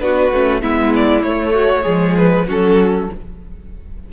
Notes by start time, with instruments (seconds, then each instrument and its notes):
0.00 cello B3, viola D4, violin F#4 B4
0.32 cello A3, viola C#4
0.62 cello G#3, viola B3, violin E4 E5
0.96 violin D5
1.23 cello A3, viola A3, violin C#5
1.54 violin F#4
1.84 cello F3, viola G#3, violin G#4
2.17 violin B4
2.48 cello F#3, viola C#4, violin F#4 A4